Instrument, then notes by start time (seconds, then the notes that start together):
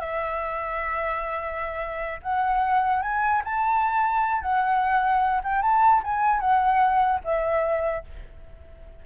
flute
0.00 E5
2.22 F#5
3.02 G#5
3.44 A5
4.41 F#5
5.43 G5
5.62 A5
6.03 G#5
6.40 F#5
7.24 E5